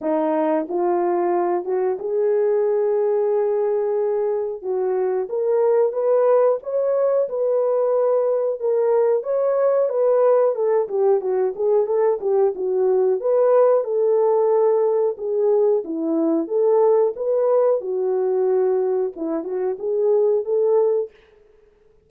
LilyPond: \new Staff \with { instrumentName = "horn" } { \time 4/4 \tempo 4 = 91 dis'4 f'4. fis'8 gis'4~ | gis'2. fis'4 | ais'4 b'4 cis''4 b'4~ | b'4 ais'4 cis''4 b'4 |
a'8 g'8 fis'8 gis'8 a'8 g'8 fis'4 | b'4 a'2 gis'4 | e'4 a'4 b'4 fis'4~ | fis'4 e'8 fis'8 gis'4 a'4 | }